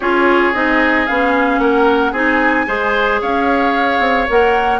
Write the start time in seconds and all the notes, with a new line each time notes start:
0.00 C#4 F4 G#4 C#5
0.53 C4 D#4 D#5
1.06 B3 C#4 F5
1.58 A#3 A#4 F#5
2.12 C4 D#4 G#4 G#5
2.66 G#3 G#4 C5
3.21 C#4 C#5 F5
3.99 C4
4.28 A#3 A#4 F#5